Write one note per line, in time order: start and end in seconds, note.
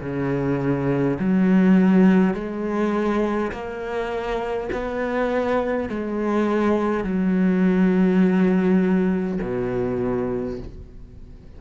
0.00 1.18 C#3
1.19 2.34 F#3
2.34 3.51 G#3
3.52 4.70 A#3
4.72 5.89 B3
5.89 7.04 G#3
7.04 9.39 F#3
9.41 10.59 B2